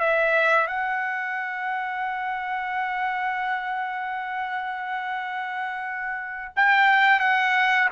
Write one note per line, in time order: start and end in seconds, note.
0.00 0.67 E5
0.67 6.53 F#5
6.56 7.20 G5
7.20 7.89 F#5